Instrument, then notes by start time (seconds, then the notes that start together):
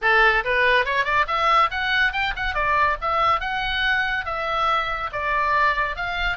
oboe
0.01 A4
0.44 B4
0.85 C#5
1.04 D5
1.27 E5
1.71 F#5
2.12 G5
2.35 F#5
2.54 D5
3.01 E5
3.40 F#5
4.25 E5
5.12 D5
5.96 F5